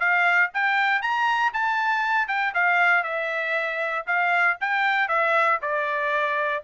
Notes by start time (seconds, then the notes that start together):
0.00 F5
0.54 G5
1.02 A#5
1.54 A5
2.28 G5
2.54 F5
3.04 E5
4.07 F5
4.61 G5
5.09 E5
5.62 D5